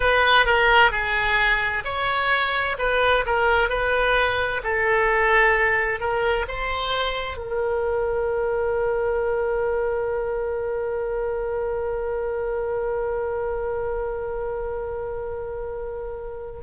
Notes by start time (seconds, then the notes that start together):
0.00 B4
0.45 A#4
0.91 G#4
1.84 C#5
2.78 B4
3.26 A#4
3.69 B4
4.63 A4
6.00 A#4
6.47 C5
7.37 A#4